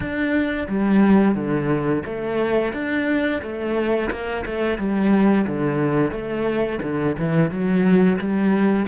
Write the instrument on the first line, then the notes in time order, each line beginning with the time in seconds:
cello
0.00 D4
0.68 G3
1.35 D3
2.05 A3
2.73 D4
3.42 A3
4.10 A#3
4.45 A3
4.77 G3
5.46 D3
6.11 A3
6.82 D3
7.18 E3
7.50 F#3
8.18 G3